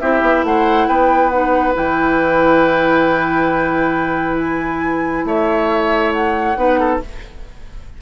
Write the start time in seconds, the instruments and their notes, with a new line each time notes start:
0.00 bassoon C4, clarinet E4, oboe G4, flute E5
0.22 bassoon B3
0.44 bassoon A3, oboe C5, flute F#5
0.88 bassoon B3, oboe B4, flute G5
1.30 clarinet D#4, flute F#5
1.74 bassoon E3, clarinet E4, flute G5
4.38 flute G#5
5.25 bassoon A3, oboe C#5, flute E5
6.12 flute F#5
6.57 bassoon B3, clarinet D#4, oboe B4
6.80 oboe A4